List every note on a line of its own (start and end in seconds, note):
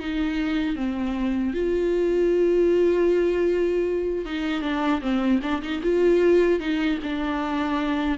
0.00 0.76 D#4
0.76 1.54 C4
1.54 4.25 F4
4.25 4.62 D#4
4.62 5.01 D4
5.02 5.40 C4
5.43 5.62 D4
5.62 5.82 D#4
5.83 6.60 F4
6.60 6.99 D#4
7.03 8.18 D4